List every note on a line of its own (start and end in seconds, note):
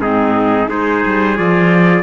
0.00 0.68 G#2
0.00 0.68 C4
0.00 0.69 D#4
0.00 0.69 G#4
0.68 1.05 G#3
0.68 1.36 D#4
0.68 2.03 G#4
0.68 1.37 C5
1.05 1.39 G3
1.36 2.03 F3
1.36 2.03 F4
1.36 2.03 D5